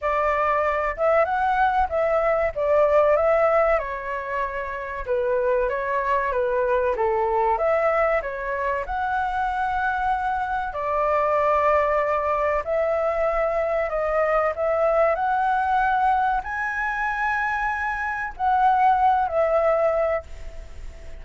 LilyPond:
\new Staff \with { instrumentName = "flute" } { \time 4/4 \tempo 4 = 95 d''4. e''8 fis''4 e''4 | d''4 e''4 cis''2 | b'4 cis''4 b'4 a'4 | e''4 cis''4 fis''2~ |
fis''4 d''2. | e''2 dis''4 e''4 | fis''2 gis''2~ | gis''4 fis''4. e''4. | }